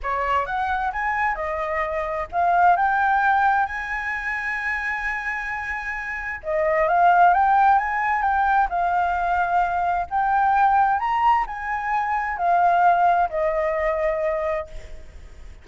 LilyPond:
\new Staff \with { instrumentName = "flute" } { \time 4/4 \tempo 4 = 131 cis''4 fis''4 gis''4 dis''4~ | dis''4 f''4 g''2 | gis''1~ | gis''2 dis''4 f''4 |
g''4 gis''4 g''4 f''4~ | f''2 g''2 | ais''4 gis''2 f''4~ | f''4 dis''2. | }